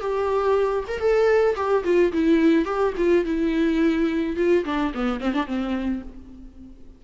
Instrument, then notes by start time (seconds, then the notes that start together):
viola
0.00 G4
0.87 A#4
0.99 A4
1.56 G4
1.84 F4
2.13 E4
2.65 G4
2.97 F4
3.25 E4
4.36 F4
4.65 D4
4.94 B3
5.20 C4
5.33 D4
5.46 C4